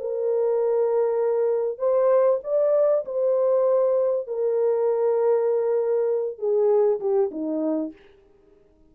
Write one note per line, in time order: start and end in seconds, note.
0.00 1.78 A#4
1.78 2.40 C5
2.44 3.05 D5
3.05 4.27 C5
4.27 6.39 A#4
6.39 7.00 G#4
7.00 7.31 G4
7.31 7.92 D#4